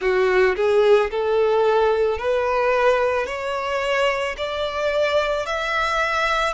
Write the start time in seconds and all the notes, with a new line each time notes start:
0.00 F#4
0.56 G#4
1.11 A4
2.18 B4
3.26 C#5
4.37 D5
5.45 E5